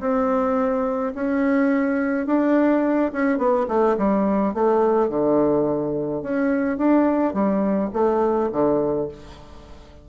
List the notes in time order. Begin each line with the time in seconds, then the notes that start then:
0.00 C4
1.15 C#4
2.26 D4
3.13 C#4
3.38 B3
3.68 A3
3.98 G3
4.54 A3
5.09 D3
6.23 C#4
6.78 D4
7.34 G3
7.93 A3
8.52 D3